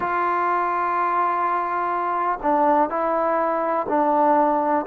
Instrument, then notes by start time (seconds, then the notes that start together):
trombone
0.00 F4
2.42 D4
2.89 E4
3.88 D4